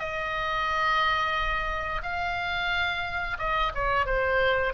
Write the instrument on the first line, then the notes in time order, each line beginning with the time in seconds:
oboe
0.00 D#5
2.03 F5
3.39 D#5
3.75 C#5
4.06 C5